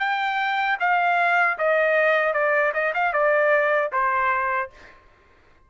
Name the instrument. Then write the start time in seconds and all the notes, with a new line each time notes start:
trumpet
0.00 G5
0.80 F5
1.59 D#5
2.34 D5
2.74 D#5
2.95 F5
3.13 D5
3.93 C5